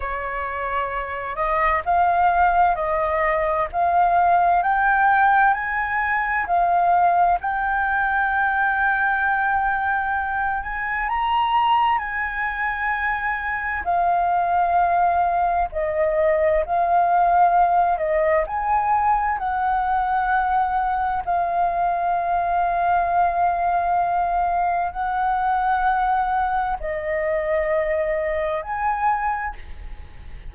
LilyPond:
\new Staff \with { instrumentName = "flute" } { \time 4/4 \tempo 4 = 65 cis''4. dis''8 f''4 dis''4 | f''4 g''4 gis''4 f''4 | g''2.~ g''8 gis''8 | ais''4 gis''2 f''4~ |
f''4 dis''4 f''4. dis''8 | gis''4 fis''2 f''4~ | f''2. fis''4~ | fis''4 dis''2 gis''4 | }